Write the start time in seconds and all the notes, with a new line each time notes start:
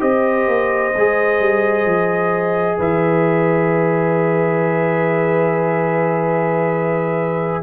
0.00 C4 G4 C5 D#5
0.48 A#3
0.95 G#3 G#4
1.40 G3
1.86 F3
2.78 E3 B4 E5